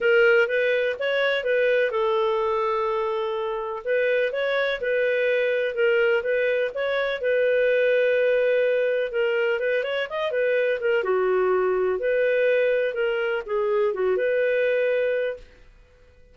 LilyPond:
\new Staff \with { instrumentName = "clarinet" } { \time 4/4 \tempo 4 = 125 ais'4 b'4 cis''4 b'4 | a'1 | b'4 cis''4 b'2 | ais'4 b'4 cis''4 b'4~ |
b'2. ais'4 | b'8 cis''8 dis''8 b'4 ais'8 fis'4~ | fis'4 b'2 ais'4 | gis'4 fis'8 b'2~ b'8 | }